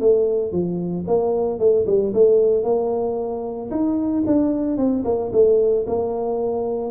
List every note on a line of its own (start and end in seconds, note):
0.00 0.52 A3
0.52 1.05 F3
1.07 1.59 A#3
1.59 1.86 A3
1.87 2.13 G3
2.14 2.64 A3
2.64 3.70 A#3
3.70 4.24 D#4
4.26 4.77 D4
4.77 5.04 C4
5.04 5.31 A#3
5.33 5.86 A3
5.87 6.91 A#3